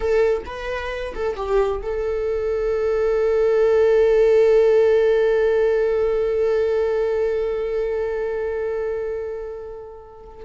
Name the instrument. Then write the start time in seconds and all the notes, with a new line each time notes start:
viola
0.00 A4
0.45 B4
1.14 A4
1.36 G4
1.82 A4